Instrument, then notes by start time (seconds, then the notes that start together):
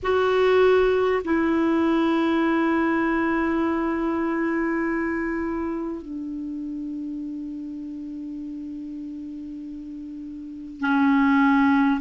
clarinet
0.02 F#4
1.24 E4
6.02 D4
10.80 C#4